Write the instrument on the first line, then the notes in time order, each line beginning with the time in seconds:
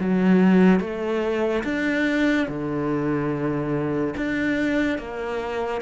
cello
0.00 F#3
0.80 A3
1.64 D4
2.48 D3
4.17 D4
4.99 A#3